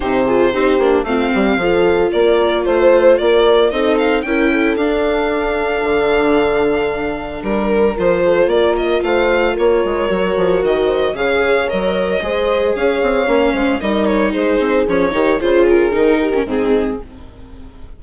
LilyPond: <<
  \new Staff \with { instrumentName = "violin" } { \time 4/4 \tempo 4 = 113 c''2 f''2 | d''4 c''4 d''4 dis''8 f''8 | g''4 f''2.~ | f''2 ais'4 c''4 |
d''8 dis''8 f''4 cis''2 | dis''4 f''4 dis''2 | f''2 dis''8 cis''8 c''4 | cis''4 c''8 ais'4. gis'4 | }
  \new Staff \with { instrumentName = "horn" } { \time 4/4 g'8 gis'8 g'4 f'8 g'8 a'4 | ais'4 c''4 ais'4 a'4 | ais'8 a'2.~ a'8~ | a'2 g'16 ais'4~ ais'16 a'8 |
ais'4 c''4 ais'2~ | ais'8 c''8 cis''2 c''4 | cis''4. c''8 ais'4 gis'4~ | gis'8 g'8 gis'4. g'8 dis'4 | }
  \new Staff \with { instrumentName = "viola" } { \time 4/4 dis'8 f'8 dis'8 d'8 c'4 f'4~ | f'2. dis'4 | e'4 d'2.~ | d'2. f'4~ |
f'2. fis'4~ | fis'4 gis'4 ais'4 gis'4~ | gis'4 cis'4 dis'2 | cis'8 dis'8 f'4 dis'8. cis'16 c'4 | }
  \new Staff \with { instrumentName = "bassoon" } { \time 4/4 c4 c'8 ais8 a8 g8 f4 | ais4 a4 ais4 c'4 | cis'4 d'2 d4~ | d2 g4 f4 |
ais4 a4 ais8 gis8 fis8 f8 | dis4 cis4 fis4 gis4 | cis'8 c'8 ais8 gis8 g4 gis8 c'8 | f8 dis8 cis4 dis4 gis,4 | }
>>